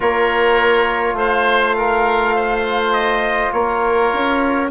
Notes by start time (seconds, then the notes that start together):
0.00 A#3 F4 A#4 C#5
1.13 A3 C5
1.19 F5
1.77 A#4
2.35 C5
2.92 D#5
3.52 A#3 A#4 C#5
4.12 C#4